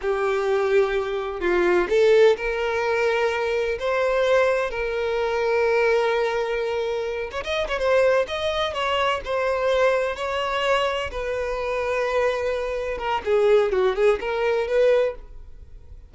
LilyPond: \new Staff \with { instrumentName = "violin" } { \time 4/4 \tempo 4 = 127 g'2. f'4 | a'4 ais'2. | c''2 ais'2~ | ais'2.~ ais'8 cis''16 dis''16~ |
dis''16 cis''16 c''4 dis''4 cis''4 c''8~ | c''4. cis''2 b'8~ | b'2.~ b'8 ais'8 | gis'4 fis'8 gis'8 ais'4 b'4 | }